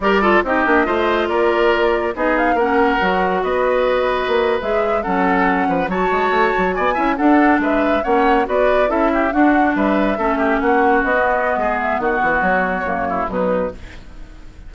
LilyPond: <<
  \new Staff \with { instrumentName = "flute" } { \time 4/4 \tempo 4 = 140 d''4 dis''2 d''4~ | d''4 dis''8 f''8 fis''2 | dis''2~ dis''8. e''4 fis''16~ | fis''4.~ fis''16 a''2 gis''16~ |
gis''8. fis''4 e''4 fis''4 d''16~ | d''8. e''4 fis''4 e''4~ e''16~ | e''8. fis''4 dis''4.~ dis''16 e''8 | fis''4 cis''2 b'4 | }
  \new Staff \with { instrumentName = "oboe" } { \time 4/4 ais'8 a'8 g'4 c''4 ais'4~ | ais'4 gis'4 ais'2 | b'2.~ b'8. a'16~ | a'4~ a'16 b'8 cis''2 d''16~ |
d''16 e''8 a'4 b'4 cis''4 b'16~ | b'8. a'8 g'8 fis'4 b'4 a'16~ | a'16 g'8 fis'2~ fis'16 gis'4 | fis'2~ fis'8 e'8 dis'4 | }
  \new Staff \with { instrumentName = "clarinet" } { \time 4/4 g'8 f'8 dis'8 d'8 f'2~ | f'4 dis'4 cis'4 fis'4~ | fis'2~ fis'8. gis'4 cis'16~ | cis'4.~ cis'16 fis'2~ fis'16~ |
fis'16 e'8 d'2 cis'4 fis'16~ | fis'8. e'4 d'2 cis'16~ | cis'2 b2~ | b2 ais4 fis4 | }
  \new Staff \with { instrumentName = "bassoon" } { \time 4/4 g4 c'8 ais8 a4 ais4~ | ais4 b4 ais4 fis4 | b2 ais8. gis4 fis16~ | fis4~ fis16 f8 fis8 gis8 a8 fis8 b16~ |
b16 cis'8 d'4 gis4 ais4 b16~ | b8. cis'4 d'4 g4 a16~ | a8. ais4 b4~ b16 gis4 | dis8 e8 fis4 fis,4 b,4 | }
>>